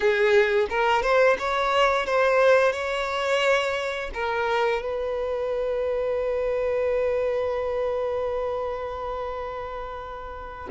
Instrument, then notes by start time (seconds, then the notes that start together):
violin
0.00 G#4
0.69 A#4
1.02 C5
1.38 C#5
2.06 C5
2.72 C#5
4.14 A#4
4.82 B4